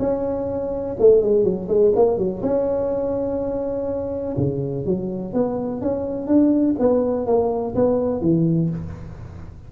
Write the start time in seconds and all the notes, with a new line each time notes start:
0.00 C#4
1.00 A3
1.22 G#3
1.44 F#3
1.68 G#3
1.96 A#3
2.18 F#3
2.43 C#4
4.37 C#3
4.86 F#3
5.34 B3
5.82 C#4
6.27 D4
6.80 B3
7.27 A#3
7.76 B3
8.21 E3